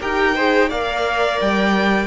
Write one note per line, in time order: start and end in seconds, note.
0.00 0.70 D#4
0.00 0.36 G4
0.00 0.35 A#4
0.00 0.70 G5
0.35 0.71 G#4
0.35 0.69 C5
0.69 1.40 A#3
0.69 2.07 A#4
0.69 2.07 D5
0.69 1.40 F5
1.41 2.07 G3
1.41 2.07 G5